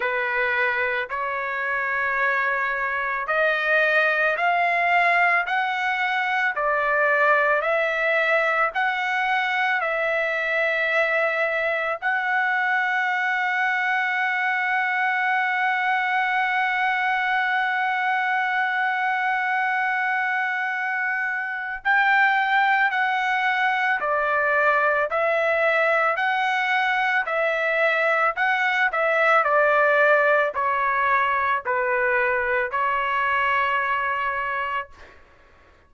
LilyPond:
\new Staff \with { instrumentName = "trumpet" } { \time 4/4 \tempo 4 = 55 b'4 cis''2 dis''4 | f''4 fis''4 d''4 e''4 | fis''4 e''2 fis''4~ | fis''1~ |
fis''1 | g''4 fis''4 d''4 e''4 | fis''4 e''4 fis''8 e''8 d''4 | cis''4 b'4 cis''2 | }